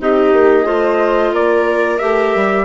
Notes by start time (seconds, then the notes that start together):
0.00 C4 D#4 G4 D#5
0.33 A#3
0.66 A3 F4 C5
1.33 A#3 A#4 D5
1.99 A3 G4 E5
2.36 G3